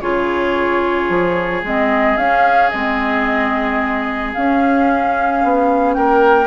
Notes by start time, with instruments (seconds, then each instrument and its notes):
0.00 bassoon C#3, clarinet F4, oboe G#4, flute C#5
1.08 bassoon F3
1.63 bassoon G#3, clarinet C4, flute D#5
2.17 bassoon C#4, clarinet C#4, flute F5
2.69 bassoon G#3, clarinet C4, flute D#5
4.34 clarinet C#4, bassoon C#4, flute F5
5.43 bassoon B3
5.94 bassoon A#3, oboe A#4, flute G5